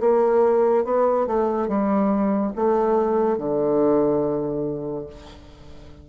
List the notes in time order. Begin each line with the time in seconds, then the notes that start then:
0.00 A#3
0.85 B3
1.27 A3
1.68 G3
2.55 A3
3.38 D3